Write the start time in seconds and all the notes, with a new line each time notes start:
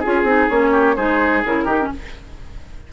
0.00 F4 G#4
0.07 C#4
0.24 C4 D#4
0.50 A#3 C#4 C#5
0.72 G4
0.96 G#3 D#4 G#4 C5
1.45 C#3 E4 A#4
1.65 D#3 D#4 G4
1.81 C#4